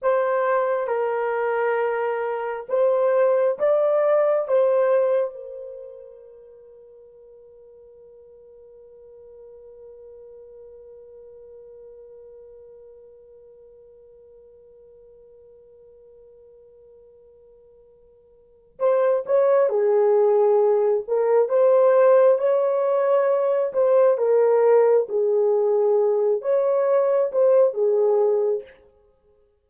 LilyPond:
\new Staff \with { instrumentName = "horn" } { \time 4/4 \tempo 4 = 67 c''4 ais'2 c''4 | d''4 c''4 ais'2~ | ais'1~ | ais'1~ |
ais'1~ | ais'4 c''8 cis''8 gis'4. ais'8 | c''4 cis''4. c''8 ais'4 | gis'4. cis''4 c''8 gis'4 | }